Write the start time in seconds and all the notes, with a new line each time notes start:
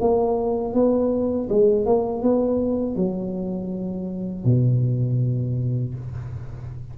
0.00 A#3
0.73 B3
1.49 G#3
1.85 A#3
2.22 B3
2.96 F#3
4.45 B2